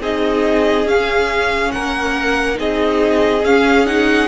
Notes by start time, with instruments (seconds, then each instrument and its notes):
0.00 cello C4, viola D#4, violin G#4 D#5
0.85 cello C#4, viola C#4, violin F5
1.72 cello A#3, violin A#4 F#5
2.55 cello C4, viola D#4, violin G#4 D#5
3.44 cello C#4, viola C#4, violin F5
3.86 viola D#4, violin F#5